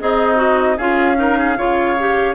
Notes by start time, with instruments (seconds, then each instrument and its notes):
0.00 bassoon C4, oboe D#4, clarinet G#4, flute D#5
0.36 clarinet F#4
0.77 bassoon C#4, clarinet F4, oboe G#4, flute F5
1.16 clarinet D#4, oboe A#4
1.38 oboe G#4
1.57 bassoon C#3, clarinet F4, oboe C#5
1.99 clarinet G4